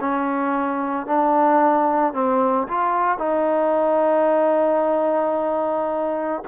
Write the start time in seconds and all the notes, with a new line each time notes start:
0.00 C#4
1.07 D4
2.13 C4
2.68 F4
3.18 D#4